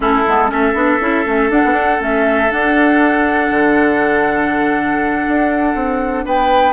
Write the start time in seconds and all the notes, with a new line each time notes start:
0.00 A3 C#4 E4 A4
0.27 G#3 B3
0.48 A3 C#4 A4 E5
0.74 B3 D4
1.00 C#4 E4
1.25 A3 C#4
1.49 D4 F#5
1.64 B3
1.72 D4
1.98 A3 C#4 E5
2.49 D4 F#5
3.50 D3
5.28 D4
5.74 C4
6.25 B3 B4 G5